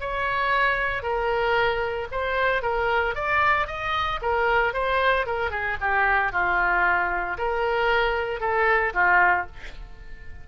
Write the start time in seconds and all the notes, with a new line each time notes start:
0.00 C#5
1.02 A#4
2.11 C5
2.62 A#4
3.15 D5
3.67 D#5
4.22 A#4
4.73 C5
5.26 A#4
5.50 G#4
5.80 G4
6.32 F4
7.38 A#4
8.40 A4
8.94 F4